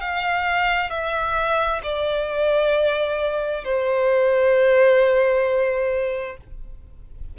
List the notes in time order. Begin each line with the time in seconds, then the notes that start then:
0.00 F5
0.90 E5
1.83 D5
3.64 C5